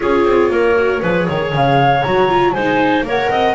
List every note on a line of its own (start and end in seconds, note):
0.00 0.24 C#4
0.00 0.75 F4
0.00 0.51 G#4
0.00 1.52 C#5
0.24 0.50 C4
0.50 1.01 A#3
0.50 1.01 A#4
0.76 1.01 F#4
1.01 1.27 F3
1.01 2.04 G#4
1.01 1.27 B4
1.28 1.52 D#3
1.28 2.54 C#5
1.52 2.03 C#3
1.52 2.02 F5
2.02 2.54 F#3
2.02 2.28 F#4
2.02 2.52 A#5
2.28 2.54 F4
2.52 3.02 G#3
2.52 3.05 C5
2.52 3.03 G#5
2.58 3.05 D#4
3.02 3.27 A#3
3.02 3.54 A#4
3.02 3.30 C#5
3.08 3.54 F#5
3.30 3.54 C4
3.30 3.54 D#5